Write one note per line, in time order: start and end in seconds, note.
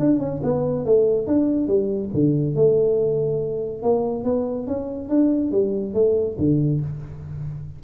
0.00 0.20 D4
0.20 0.41 C#4
0.44 0.86 B3
0.86 1.27 A3
1.27 1.68 D4
1.68 2.10 G3
2.14 2.56 D3
2.56 3.83 A3
3.83 4.25 A#3
4.25 4.67 B3
4.68 5.09 C#4
5.09 5.52 D4
5.52 5.94 G3
5.94 6.37 A3
6.38 6.81 D3